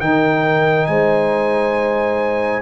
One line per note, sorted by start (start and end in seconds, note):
0.00 0.88 D#3
0.00 2.62 D#4
0.00 0.88 A#4
0.00 0.86 G5
0.86 2.62 G#3
0.86 2.62 C5
0.86 2.62 G#5